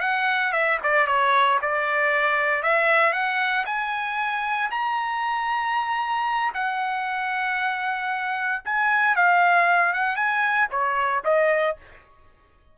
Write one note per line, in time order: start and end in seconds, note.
0.00 0.52 F#5
0.52 0.78 E5
0.83 1.06 D5
1.06 1.59 C#5
1.61 2.62 D5
2.62 3.12 E5
3.12 3.65 F#5
3.65 4.70 G#5
4.70 6.53 A#5
6.54 8.62 F#5
8.65 9.15 G#5
9.15 9.93 F5
9.93 10.15 F#5
10.15 10.68 G#5
10.71 11.23 C#5
11.24 11.76 D#5